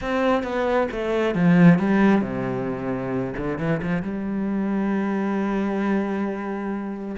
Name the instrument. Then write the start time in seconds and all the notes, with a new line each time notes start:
cello
0.01 C4
0.43 B3
0.91 A3
1.35 F3
1.78 G3
2.21 C3
3.37 D3
3.58 E3
3.82 F3
4.02 G3